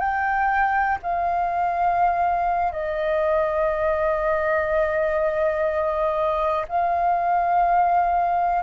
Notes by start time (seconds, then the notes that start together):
0.00 G5
1.03 F5
2.72 D#5
6.69 F5